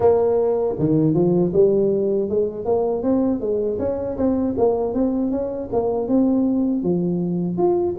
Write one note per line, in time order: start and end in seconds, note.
0.00 0.75 A#3
0.78 1.14 D#3
1.14 1.52 F3
1.53 2.29 G3
2.29 2.65 G#3
2.65 3.02 A#3
3.02 3.40 C4
3.40 3.78 G#3
3.78 4.16 C#4
4.17 4.55 C4
4.57 4.94 A#3
4.94 5.31 C4
5.31 5.69 C#4
5.72 6.08 A#3
6.08 6.82 C4
6.82 7.57 F3
7.57 7.95 F4